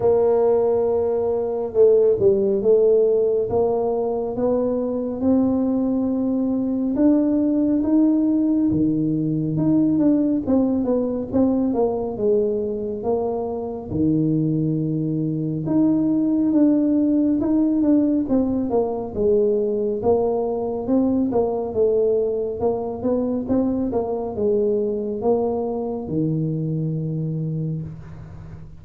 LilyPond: \new Staff \with { instrumentName = "tuba" } { \time 4/4 \tempo 4 = 69 ais2 a8 g8 a4 | ais4 b4 c'2 | d'4 dis'4 dis4 dis'8 d'8 | c'8 b8 c'8 ais8 gis4 ais4 |
dis2 dis'4 d'4 | dis'8 d'8 c'8 ais8 gis4 ais4 | c'8 ais8 a4 ais8 b8 c'8 ais8 | gis4 ais4 dis2 | }